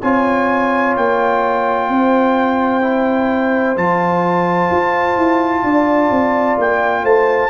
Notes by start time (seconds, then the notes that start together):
0.00 C4 F4 C#5 G#5
0.96 A#3 G5
1.89 C4 C5
2.81 E4
3.76 F3 F4 A5
4.71 F4
5.15 E4
5.63 D4 D5
6.10 C4
6.58 A#3 G5
7.03 A3 C5 A5